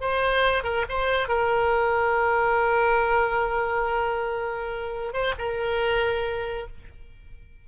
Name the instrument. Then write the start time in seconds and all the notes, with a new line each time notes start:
oboe
0.00 C5
0.63 A#4
0.88 C5
1.28 A#4
5.13 C5
5.38 A#4